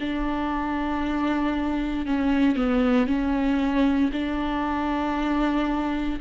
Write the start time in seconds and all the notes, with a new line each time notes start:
0.00 D4
2.06 C#4
2.56 B3
3.07 C#4
4.12 D4